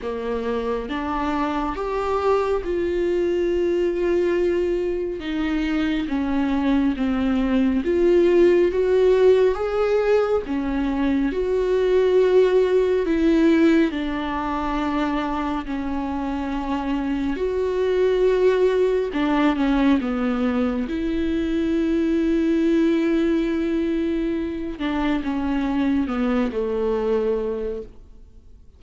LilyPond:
\new Staff \with { instrumentName = "viola" } { \time 4/4 \tempo 4 = 69 ais4 d'4 g'4 f'4~ | f'2 dis'4 cis'4 | c'4 f'4 fis'4 gis'4 | cis'4 fis'2 e'4 |
d'2 cis'2 | fis'2 d'8 cis'8 b4 | e'1~ | e'8 d'8 cis'4 b8 a4. | }